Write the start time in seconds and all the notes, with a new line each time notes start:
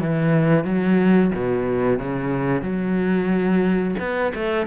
0.00 E3
0.65 F#3
1.35 B2
1.99 C#3
2.62 F#3
3.99 B3
4.35 A3